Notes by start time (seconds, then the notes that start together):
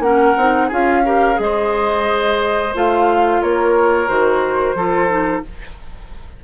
0.00 A#3 C#4 A#4 F#5
0.37 C4 D#4
0.68 C#4 F4 G#4 F5
1.05 G4 A#4
1.35 G#3 G#4 D#5
1.43 C5
2.75 A3 F4 F5
3.42 A#3 A#4 C#5
4.08 D#3 F#4 C5
4.75 F3 F4 A4
5.09 D#4